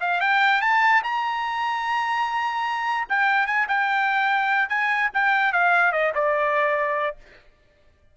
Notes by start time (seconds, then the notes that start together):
0.00 F5
0.20 G5
0.61 A5
1.03 A#5
3.09 G5
3.46 G#5
3.68 G5
4.69 G#5
5.13 G5
5.53 F5
5.92 D#5
6.14 D5